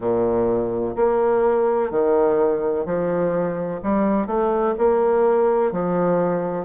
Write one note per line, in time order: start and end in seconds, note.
0.00 0.95 A#2
0.96 1.90 A#3
1.90 2.85 D#3
2.85 3.81 F3
3.83 4.26 G3
4.26 4.74 A3
4.77 5.71 A#3
5.71 6.65 F3